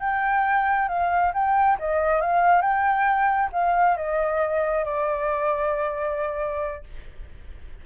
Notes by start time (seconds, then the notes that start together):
0.00 G5
0.88 F5
1.33 G5
1.79 D#5
2.21 F5
2.62 G5
3.52 F5
3.97 D#5
4.85 D5